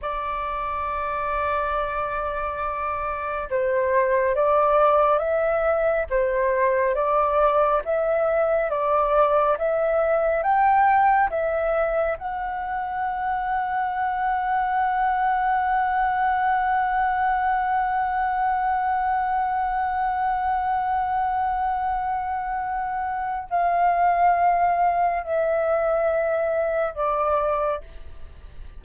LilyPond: \new Staff \with { instrumentName = "flute" } { \time 4/4 \tempo 4 = 69 d''1 | c''4 d''4 e''4 c''4 | d''4 e''4 d''4 e''4 | g''4 e''4 fis''2~ |
fis''1~ | fis''1~ | fis''2. f''4~ | f''4 e''2 d''4 | }